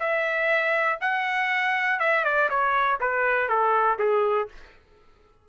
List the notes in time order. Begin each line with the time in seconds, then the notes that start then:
0.00 E5
1.01 F#5
2.00 E5
2.25 D5
2.50 C#5
3.01 B4
3.49 A4
3.99 G#4